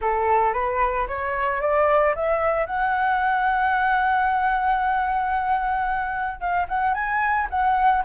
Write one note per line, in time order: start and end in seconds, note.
0.01 0.53 A4
0.53 1.06 B4
1.07 1.61 C#5
1.61 2.14 D5
2.15 2.65 E5
2.65 6.40 F#5
6.40 6.67 F5
6.68 6.94 F#5
6.94 7.47 G#5
7.50 8.03 F#5